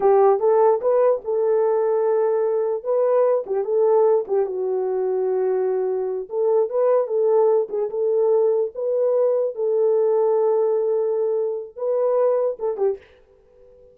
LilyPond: \new Staff \with { instrumentName = "horn" } { \time 4/4 \tempo 4 = 148 g'4 a'4 b'4 a'4~ | a'2. b'4~ | b'8 g'8 a'4. g'8 fis'4~ | fis'2.~ fis'8 a'8~ |
a'8 b'4 a'4. gis'8 a'8~ | a'4. b'2 a'8~ | a'1~ | a'4 b'2 a'8 g'8 | }